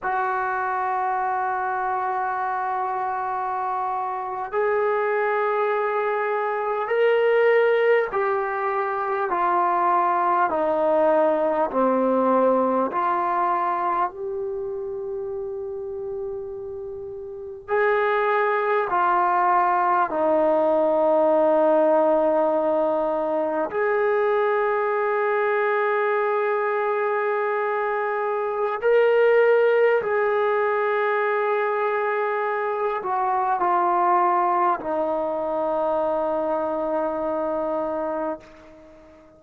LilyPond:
\new Staff \with { instrumentName = "trombone" } { \time 4/4 \tempo 4 = 50 fis'2.~ fis'8. gis'16~ | gis'4.~ gis'16 ais'4 g'4 f'16~ | f'8. dis'4 c'4 f'4 g'16~ | g'2~ g'8. gis'4 f'16~ |
f'8. dis'2. gis'16~ | gis'1 | ais'4 gis'2~ gis'8 fis'8 | f'4 dis'2. | }